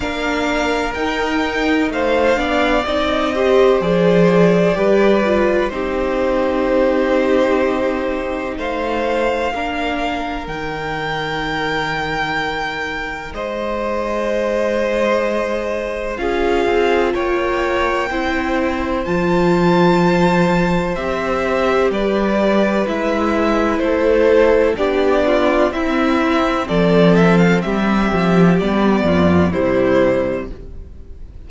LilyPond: <<
  \new Staff \with { instrumentName = "violin" } { \time 4/4 \tempo 4 = 63 f''4 g''4 f''4 dis''4 | d''2 c''2~ | c''4 f''2 g''4~ | g''2 dis''2~ |
dis''4 f''4 g''2 | a''2 e''4 d''4 | e''4 c''4 d''4 e''4 | d''8 e''16 f''16 e''4 d''4 c''4 | }
  \new Staff \with { instrumentName = "violin" } { \time 4/4 ais'2 c''8 d''4 c''8~ | c''4 b'4 g'2~ | g'4 c''4 ais'2~ | ais'2 c''2~ |
c''4 gis'4 cis''4 c''4~ | c''2. b'4~ | b'4 a'4 g'8 f'8 e'4 | a'4 g'4. f'8 e'4 | }
  \new Staff \with { instrumentName = "viola" } { \time 4/4 d'4 dis'4. d'8 dis'8 g'8 | gis'4 g'8 f'8 dis'2~ | dis'2 d'4 dis'4~ | dis'1~ |
dis'4 f'2 e'4 | f'2 g'2 | e'2 d'4 c'4~ | c'2 b4 g4 | }
  \new Staff \with { instrumentName = "cello" } { \time 4/4 ais4 dis'4 a8 b8 c'4 | f4 g4 c'2~ | c'4 a4 ais4 dis4~ | dis2 gis2~ |
gis4 cis'8 c'8 ais4 c'4 | f2 c'4 g4 | gis4 a4 b4 c'4 | f4 g8 f8 g8 f,8 c4 | }
>>